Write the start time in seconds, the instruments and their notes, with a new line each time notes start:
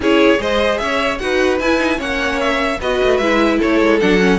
0.00 cello C#4, viola E4, violin G#4 C#5
0.37 cello G#3, viola G#4, violin C5 D#5
0.78 cello C#4, violin C#5 E5
1.18 cello D#4, viola F#4, violin B4 F#5
1.60 cello E4, viola E4, violin G#5
1.78 viola D#4
1.96 cello A#3, viola C#4, violin C#5 F#5
2.39 violin E5
2.80 cello B3, viola F#4, violin B4 D#5
3.03 cello A3
3.17 cello G#3, viola E4, violin E5
3.58 cello A3, violin A4 C#5
3.80 cello G#3
4.00 cello F#3, viola D4, violin F#5
4.19 viola C#4